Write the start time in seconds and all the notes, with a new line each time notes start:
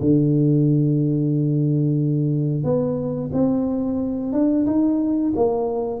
0.00 D3
2.64 B3
3.33 C4
4.32 D4
4.66 D#4
5.35 A#3